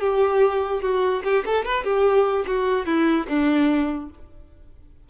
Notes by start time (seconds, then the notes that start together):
0.00 G4
0.81 F#4
1.24 G4
1.45 A4
1.65 B4
1.84 G4
2.47 F#4
2.86 E4
3.28 D4